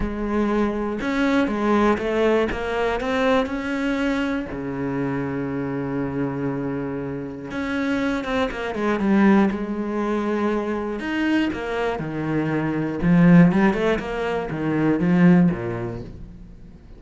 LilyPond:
\new Staff \with { instrumentName = "cello" } { \time 4/4 \tempo 4 = 120 gis2 cis'4 gis4 | a4 ais4 c'4 cis'4~ | cis'4 cis2.~ | cis2. cis'4~ |
cis'8 c'8 ais8 gis8 g4 gis4~ | gis2 dis'4 ais4 | dis2 f4 g8 a8 | ais4 dis4 f4 ais,4 | }